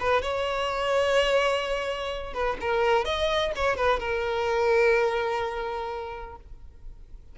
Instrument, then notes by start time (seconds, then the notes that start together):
violin
0.00 B4
0.22 C#5
2.33 B4
2.61 A#4
3.05 D#5
3.56 C#5
3.76 B4
4.00 A#4